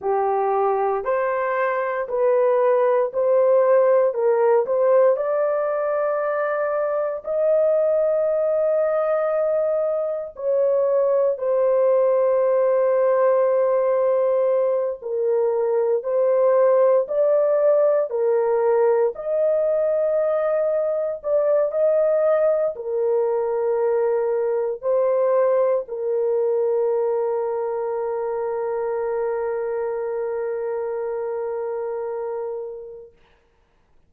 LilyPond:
\new Staff \with { instrumentName = "horn" } { \time 4/4 \tempo 4 = 58 g'4 c''4 b'4 c''4 | ais'8 c''8 d''2 dis''4~ | dis''2 cis''4 c''4~ | c''2~ c''8 ais'4 c''8~ |
c''8 d''4 ais'4 dis''4.~ | dis''8 d''8 dis''4 ais'2 | c''4 ais'2.~ | ais'1 | }